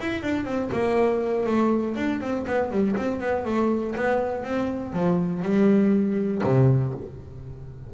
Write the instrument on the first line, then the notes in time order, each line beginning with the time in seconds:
double bass
0.00 E4
0.22 D4
0.45 C4
0.72 A#3
1.46 A3
1.96 D4
2.20 C4
2.47 B3
2.71 G3
2.96 C4
3.20 B3
3.45 A3
3.95 B3
4.44 C4
4.93 F3
5.42 G3
6.43 C3